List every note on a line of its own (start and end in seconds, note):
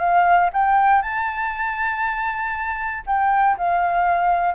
0.00 0.50 F5
0.54 1.02 G5
1.02 3.04 A5
3.07 3.57 G5
3.58 4.55 F5